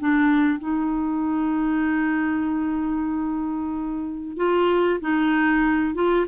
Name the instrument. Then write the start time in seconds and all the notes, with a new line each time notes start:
clarinet
0.00 D4
0.59 D#4
4.37 F4
5.01 D#4
5.94 F4